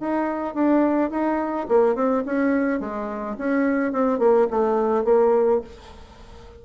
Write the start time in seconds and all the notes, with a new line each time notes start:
0.00 D#4
0.54 D4
1.10 D#4
1.68 A#3
1.95 C4
2.25 C#4
2.80 G#3
3.38 C#4
3.92 C4
4.19 A#3
4.50 A3
5.04 A#3